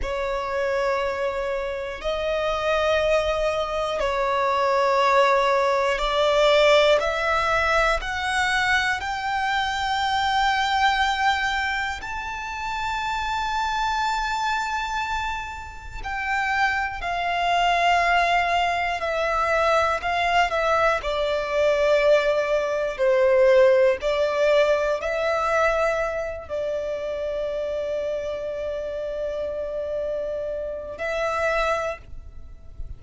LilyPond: \new Staff \with { instrumentName = "violin" } { \time 4/4 \tempo 4 = 60 cis''2 dis''2 | cis''2 d''4 e''4 | fis''4 g''2. | a''1 |
g''4 f''2 e''4 | f''8 e''8 d''2 c''4 | d''4 e''4. d''4.~ | d''2. e''4 | }